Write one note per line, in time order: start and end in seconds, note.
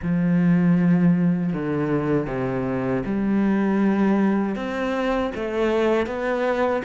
0.02 1.53 F3
1.53 2.26 D3
2.26 3.02 C3
3.05 4.55 G3
4.55 5.31 C4
5.35 6.06 A3
6.06 6.82 B3